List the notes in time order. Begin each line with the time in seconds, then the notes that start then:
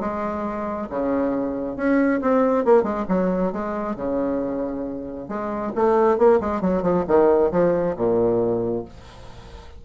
0.00 G#3
0.89 C#3
1.76 C#4
2.21 C4
2.65 A#3
2.83 G#3
3.08 F#3
3.53 G#3
3.96 C#3
5.28 G#3
5.75 A3
6.18 A#3
6.41 G#3
6.61 F#3
6.82 F3
7.07 D#3
7.51 F3
7.97 A#2